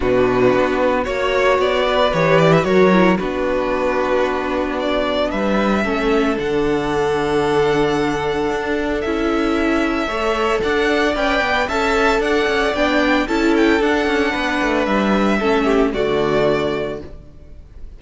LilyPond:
<<
  \new Staff \with { instrumentName = "violin" } { \time 4/4 \tempo 4 = 113 b'2 cis''4 d''4 | cis''8 d''16 e''16 cis''4 b'2~ | b'4 d''4 e''2 | fis''1~ |
fis''4 e''2. | fis''4 g''4 a''4 fis''4 | g''4 a''8 g''8 fis''2 | e''2 d''2 | }
  \new Staff \with { instrumentName = "violin" } { \time 4/4 fis'2 cis''4. b'8~ | b'4 ais'4 fis'2~ | fis'2 b'4 a'4~ | a'1~ |
a'2. cis''4 | d''2 e''4 d''4~ | d''4 a'2 b'4~ | b'4 a'8 g'8 fis'2 | }
  \new Staff \with { instrumentName = "viola" } { \time 4/4 d'2 fis'2 | g'4 fis'8 e'8 d'2~ | d'2. cis'4 | d'1~ |
d'4 e'2 a'4~ | a'4 b'4 a'2 | d'4 e'4 d'2~ | d'4 cis'4 a2 | }
  \new Staff \with { instrumentName = "cello" } { \time 4/4 b,4 b4 ais4 b4 | e4 fis4 b2~ | b2 g4 a4 | d1 |
d'4 cis'2 a4 | d'4 cis'8 b8 cis'4 d'8 cis'8 | b4 cis'4 d'8 cis'8 b8 a8 | g4 a4 d2 | }
>>